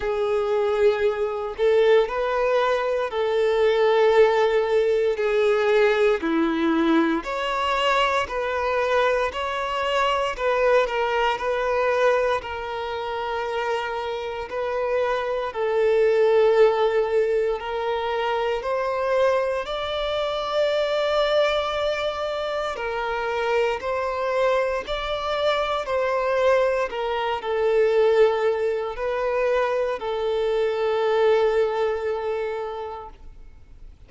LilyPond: \new Staff \with { instrumentName = "violin" } { \time 4/4 \tempo 4 = 58 gis'4. a'8 b'4 a'4~ | a'4 gis'4 e'4 cis''4 | b'4 cis''4 b'8 ais'8 b'4 | ais'2 b'4 a'4~ |
a'4 ais'4 c''4 d''4~ | d''2 ais'4 c''4 | d''4 c''4 ais'8 a'4. | b'4 a'2. | }